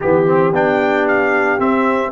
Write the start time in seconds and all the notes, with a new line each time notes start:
0.00 E3 B3 G4
0.27 C4
0.52 B3 D4 G5
1.08 F5
1.59 C4 E5